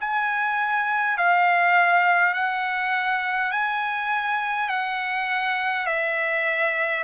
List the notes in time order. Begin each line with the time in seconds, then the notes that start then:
0.00 G#5
1.17 F5
2.33 F#5
3.51 G#5
4.68 F#5
5.86 E5